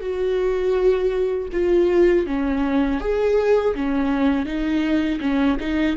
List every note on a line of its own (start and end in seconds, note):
0.00 1.48 F#4
1.52 2.26 F4
2.26 3.00 C#4
3.00 3.74 G#4
3.74 4.45 C#4
4.45 5.19 D#4
5.20 5.57 C#4
5.59 5.96 D#4